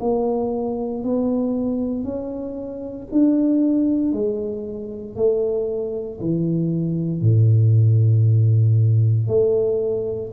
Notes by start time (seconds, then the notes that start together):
0.00 A#3
1.03 B3
2.04 C#4
3.11 D4
4.12 G#3
5.16 A3
6.20 E3
7.21 A2
9.28 A3